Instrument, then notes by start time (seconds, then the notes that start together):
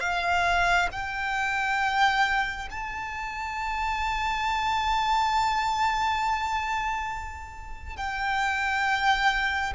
violin
0.00 F5
0.91 G5
2.70 A5
7.97 G5